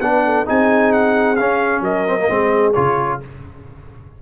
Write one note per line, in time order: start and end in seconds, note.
0.00 0.46 B3
0.00 0.45 D4
0.00 0.24 B4
0.00 0.45 F#5
0.25 0.47 A4
0.45 1.40 C4
0.45 1.36 D#4
0.45 1.83 G#4
0.45 0.92 G#5
0.92 1.36 F#5
1.36 2.07 C#4
1.36 1.81 C#4
1.36 1.81 F5
1.81 2.26 F#3
1.81 2.28 A#4
1.81 2.73 D#5
2.07 2.18 C4
2.19 2.28 A#3
2.28 2.75 G#3
2.28 2.74 C4
2.28 3.20 G#4
2.73 3.22 C#3
2.73 3.20 F4
2.73 3.18 C#5